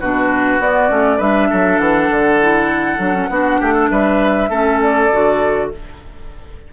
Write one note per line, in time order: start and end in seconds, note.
0.00 0.59 B2
0.00 0.61 D4
0.00 1.17 F#4
0.00 0.60 B4
0.59 0.89 B3
0.59 1.21 D5
0.89 1.20 A3
0.89 1.19 C#4
1.17 1.50 G3
1.17 2.39 D4
1.17 1.47 B4
1.17 1.79 E5
1.50 1.79 F#3
1.50 3.30 A4
1.79 2.09 E3
1.79 3.89 F#5
2.10 2.98 D3
2.41 2.99 E4
2.98 3.28 F#3
2.98 3.14 D4
3.14 3.29 C#4
3.30 3.60 B3
3.30 4.51 D4
3.30 3.60 F#4
3.60 3.90 A3
3.60 3.73 G4
3.73 3.89 A4
3.90 4.49 G3
3.90 4.50 B4
3.90 4.80 E5
4.49 5.09 A3
4.49 5.11 C#4
4.49 5.70 A4
4.82 5.72 D5
5.12 5.73 D3
5.12 5.72 F#4